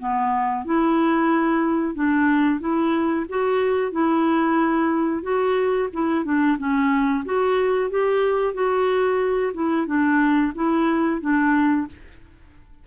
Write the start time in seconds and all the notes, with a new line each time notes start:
0.00 B3
0.65 E4
1.95 D4
2.60 E4
3.29 F#4
3.92 E4
5.23 F#4
5.93 E4
6.25 D4
6.59 C#4
7.25 F#4
7.91 G4
8.54 F#4
9.54 E4
9.87 D4
10.55 E4
11.21 D4